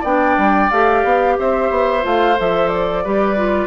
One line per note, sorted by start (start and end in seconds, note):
0.00 0.37 B3
0.00 0.71 D4
0.00 1.33 D5
0.00 0.70 G5
0.37 0.71 G3
0.70 1.04 A3
0.70 2.01 G4
0.70 1.37 F5
1.04 1.37 B3
1.39 1.70 C4
1.39 3.03 C5
1.39 2.05 E5
1.70 2.04 B3
2.01 2.38 A3
2.01 2.35 F4
2.01 2.39 F5
2.38 3.05 F3
2.38 3.04 A4
2.38 2.68 E5
2.68 3.67 D5
3.03 3.67 G3
3.03 3.36 G4
3.03 3.67 B4
3.36 3.67 F4